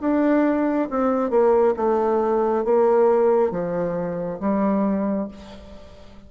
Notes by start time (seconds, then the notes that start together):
0.00 D4
0.90 C4
1.30 A#3
1.76 A3
2.64 A#3
3.51 F3
4.40 G3